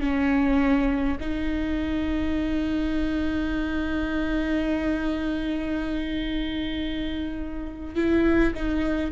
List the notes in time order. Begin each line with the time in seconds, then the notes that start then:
0.00 C#4
1.20 D#4
7.95 E4
8.54 D#4